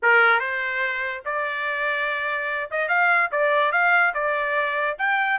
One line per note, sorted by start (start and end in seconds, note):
0.02 0.39 A#4
0.39 1.22 C5
1.25 2.70 D5
2.70 2.88 D#5
2.88 3.30 F5
3.31 3.71 D5
3.71 4.13 F5
4.14 4.97 D5
4.98 5.39 G5